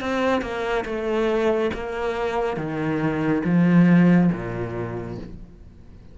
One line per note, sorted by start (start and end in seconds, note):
0.00 0.41 C4
0.41 0.84 A#3
0.85 1.71 A3
1.73 2.57 A#3
2.57 3.42 D#3
3.44 4.30 F3
4.32 5.18 A#2